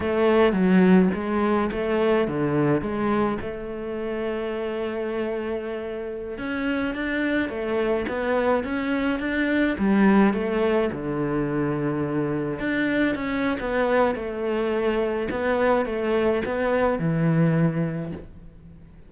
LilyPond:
\new Staff \with { instrumentName = "cello" } { \time 4/4 \tempo 4 = 106 a4 fis4 gis4 a4 | d4 gis4 a2~ | a2.~ a16 cis'8.~ | cis'16 d'4 a4 b4 cis'8.~ |
cis'16 d'4 g4 a4 d8.~ | d2~ d16 d'4 cis'8. | b4 a2 b4 | a4 b4 e2 | }